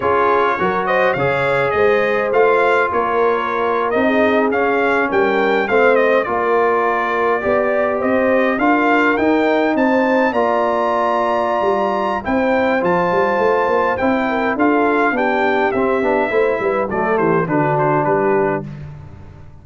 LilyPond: <<
  \new Staff \with { instrumentName = "trumpet" } { \time 4/4 \tempo 4 = 103 cis''4. dis''8 f''4 dis''4 | f''4 cis''4.~ cis''16 dis''4 f''16~ | f''8. g''4 f''8 dis''8 d''4~ d''16~ | d''4.~ d''16 dis''4 f''4 g''16~ |
g''8. a''4 ais''2~ ais''16~ | ais''4 g''4 a''2 | g''4 f''4 g''4 e''4~ | e''4 d''8 c''8 b'8 c''8 b'4 | }
  \new Staff \with { instrumentName = "horn" } { \time 4/4 gis'4 ais'8 c''8 cis''4 c''4~ | c''4 ais'2 gis'4~ | gis'8. ais'4 c''4 ais'4~ ais'16~ | ais'8. d''4 c''4 ais'4~ ais'16~ |
ais'8. c''4 d''2~ d''16~ | d''4 c''2.~ | c''8 ais'8 a'4 g'2 | c''8 b'8 a'8 g'8 fis'4 g'4 | }
  \new Staff \with { instrumentName = "trombone" } { \time 4/4 f'4 fis'4 gis'2 | f'2~ f'8. dis'4 cis'16~ | cis'4.~ cis'16 c'4 f'4~ f'16~ | f'8. g'2 f'4 dis'16~ |
dis'4.~ dis'16 f'2~ f'16~ | f'4 e'4 f'2 | e'4 f'4 d'4 c'8 d'8 | e'4 a4 d'2 | }
  \new Staff \with { instrumentName = "tuba" } { \time 4/4 cis'4 fis4 cis4 gis4 | a4 ais4.~ ais16 c'4 cis'16~ | cis'8. g4 a4 ais4~ ais16~ | ais8. b4 c'4 d'4 dis'16~ |
dis'8. c'4 ais2~ ais16 | g4 c'4 f8 g8 a8 ais8 | c'4 d'4 b4 c'8 b8 | a8 g8 fis8 e8 d4 g4 | }
>>